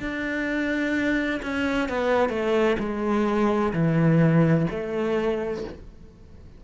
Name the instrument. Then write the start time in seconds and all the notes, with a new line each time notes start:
cello
0.00 D4
1.43 C#4
1.89 B3
2.30 A3
2.79 G#3
3.73 E3
4.70 A3